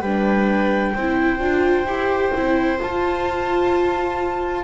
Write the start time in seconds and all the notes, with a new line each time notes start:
0.00 G3 D4 B4 G5
0.94 C4 E4 C5
1.39 D4 F4
1.85 E4 G4
2.34 C4 E4
2.78 F4 A5